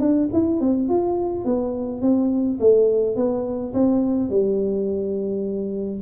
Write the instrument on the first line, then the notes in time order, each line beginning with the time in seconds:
tuba
0.00 D4
0.33 E4
0.61 C4
0.89 F4
1.45 B3
2.02 C4
2.60 A3
3.16 B3
3.74 C4
4.29 G3